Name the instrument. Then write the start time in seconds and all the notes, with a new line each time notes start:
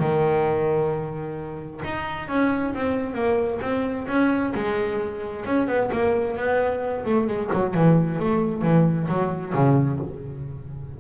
double bass
0.00 D#3
1.85 D#4
2.29 C#4
2.75 C4
3.15 A#3
3.62 C4
4.08 C#4
4.55 G#3
5.46 C#4
5.68 B3
5.92 A#3
6.37 B3
7.06 A3
7.28 G#3
7.54 F#3
7.75 E3
8.20 A3
8.62 E3
9.08 F#3
9.55 C#3